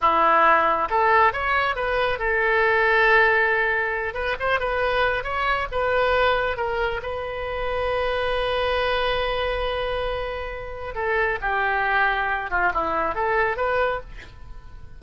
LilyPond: \new Staff \with { instrumentName = "oboe" } { \time 4/4 \tempo 4 = 137 e'2 a'4 cis''4 | b'4 a'2.~ | a'4. b'8 c''8 b'4. | cis''4 b'2 ais'4 |
b'1~ | b'1~ | b'4 a'4 g'2~ | g'8 f'8 e'4 a'4 b'4 | }